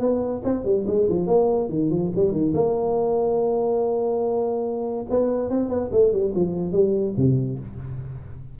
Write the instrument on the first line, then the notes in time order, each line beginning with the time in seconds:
tuba
0.00 B3
0.44 C4
0.65 G3
0.87 G#3
1.09 F3
1.27 A#3
1.70 D#3
1.91 F3
2.16 G3
2.32 D#3
2.55 A#3
5.10 B3
5.50 C4
5.69 B3
5.92 A3
6.13 G3
6.35 F3
6.73 G3
7.17 C3